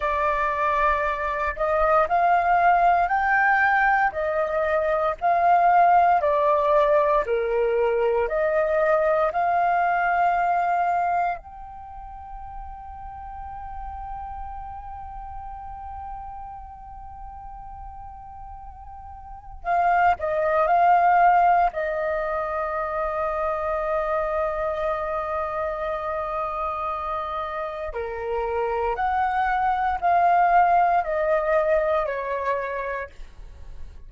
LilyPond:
\new Staff \with { instrumentName = "flute" } { \time 4/4 \tempo 4 = 58 d''4. dis''8 f''4 g''4 | dis''4 f''4 d''4 ais'4 | dis''4 f''2 g''4~ | g''1~ |
g''2. f''8 dis''8 | f''4 dis''2.~ | dis''2. ais'4 | fis''4 f''4 dis''4 cis''4 | }